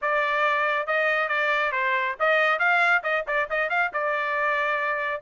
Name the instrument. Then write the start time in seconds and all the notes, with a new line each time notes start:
trumpet
0.01 D5
0.86 D#5
1.28 D5
1.72 C5
2.19 D#5
2.59 F5
3.03 D#5
3.27 D5
3.49 D#5
3.69 F5
3.93 D5